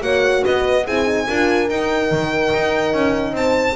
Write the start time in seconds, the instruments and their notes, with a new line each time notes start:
0.00 double bass A#3, horn F#4 C#5, violin F#5
0.42 double bass B3, horn B4, violin D#5
0.84 double bass C4, horn E4 G#4, violin G#5
1.05 horn D#4
1.27 double bass D4, horn F4 A#4
1.69 double bass D#4, horn D#4, violin G5
2.11 double bass D#3
2.54 double bass D#4
2.93 double bass C#4
3.32 double bass C4, horn C5, violin A5